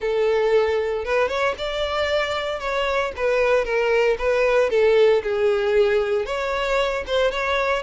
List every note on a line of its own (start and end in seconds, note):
0.00 1.04 A4
1.04 1.28 B4
1.28 1.54 C#5
1.58 2.59 D5
2.59 3.11 C#5
3.16 3.64 B4
3.64 4.16 A#4
4.18 4.70 B4
4.70 5.22 A4
5.23 6.25 G#4
6.25 7.03 C#5
7.06 7.31 C5
7.31 7.82 C#5